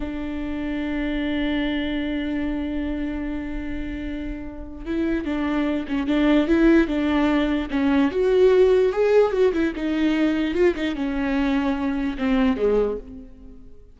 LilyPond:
\new Staff \with { instrumentName = "viola" } { \time 4/4 \tempo 4 = 148 d'1~ | d'1~ | d'1 | e'4 d'4. cis'8 d'4 |
e'4 d'2 cis'4 | fis'2 gis'4 fis'8 e'8 | dis'2 f'8 dis'8 cis'4~ | cis'2 c'4 gis4 | }